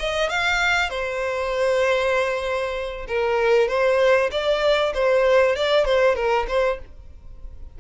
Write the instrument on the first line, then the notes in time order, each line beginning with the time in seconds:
violin
0.00 D#5
0.30 F5
0.90 C5
3.08 A#4
3.69 C5
4.32 D5
4.95 C5
5.56 D5
5.85 C5
6.16 A#4
6.48 C5